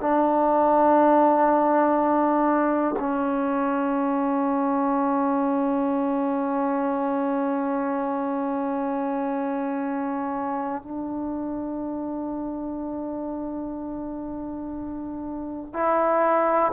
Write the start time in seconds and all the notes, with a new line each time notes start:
0.00 D4
2.99 C#4
10.82 D4
15.73 E4